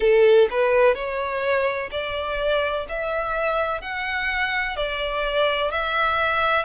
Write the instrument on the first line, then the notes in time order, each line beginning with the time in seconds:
violin
0.00 A4
0.50 B4
0.94 C#5
1.91 D5
2.88 E5
3.81 F#5
4.76 D5
5.71 E5